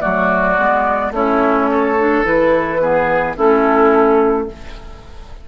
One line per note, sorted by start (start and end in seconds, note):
0.00 0.59 F#3
0.00 0.56 A3
0.00 1.12 F#4
0.00 1.12 D5
0.58 1.11 G#3
0.58 1.14 B3
1.11 2.22 A3
1.11 1.97 C#4
1.11 1.71 E4
1.11 2.26 C#5
1.71 2.82 A4
1.99 2.24 D4
2.24 3.37 E3
2.24 2.80 E4
2.24 3.37 B4
2.81 3.36 B3
2.81 3.37 G#4
3.37 4.49 A3
3.37 4.48 C#4
3.37 4.48 E4
3.37 4.49 A4